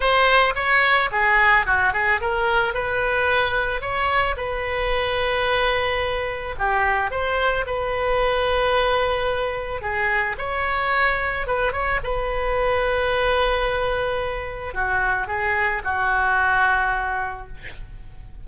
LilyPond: \new Staff \with { instrumentName = "oboe" } { \time 4/4 \tempo 4 = 110 c''4 cis''4 gis'4 fis'8 gis'8 | ais'4 b'2 cis''4 | b'1 | g'4 c''4 b'2~ |
b'2 gis'4 cis''4~ | cis''4 b'8 cis''8 b'2~ | b'2. fis'4 | gis'4 fis'2. | }